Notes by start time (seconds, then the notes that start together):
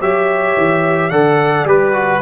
0.00 F#3 G4 C#5 E5
0.57 E3
1.10 D3 A4 D5 F#5
1.65 G3 G4 B4
1.93 F#4